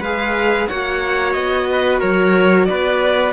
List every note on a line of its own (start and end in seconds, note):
0.00 0.67 G#3
0.00 0.71 G#4
0.00 0.68 B4
0.00 0.68 F5
0.68 1.35 A#3
0.68 3.34 F#4
0.68 1.68 C#5
0.68 1.33 F#5
1.33 2.02 B3
1.33 2.00 D#5
1.71 2.00 B4
2.00 2.69 F#3
2.00 2.67 A#4
2.00 2.66 C#5
2.66 3.34 B3
2.66 3.34 B4
2.66 3.32 D5